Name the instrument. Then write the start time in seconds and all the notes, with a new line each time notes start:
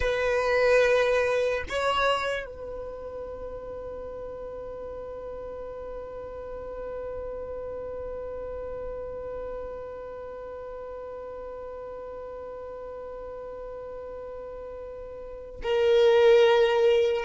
violin
0.00 B4
1.68 C#5
2.45 B4
15.62 A#4